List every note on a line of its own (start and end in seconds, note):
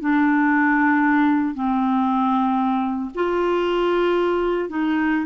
0.00 1.54 D4
1.54 3.10 C4
3.15 4.69 F4
4.69 5.26 D#4